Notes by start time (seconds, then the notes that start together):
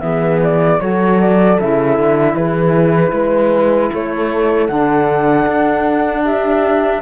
0.00 E3 B3 G#4 E5
0.43 D5
0.79 F#3 F#4 A4 C#5
1.20 D5
1.59 C#3 E4 E5
1.98 D3
2.34 E3 G#4 B4
3.12 G#3 B4
3.92 A3 A4 C#5
4.67 D3 D4 F#5
5.47 D4
6.23 G4 E5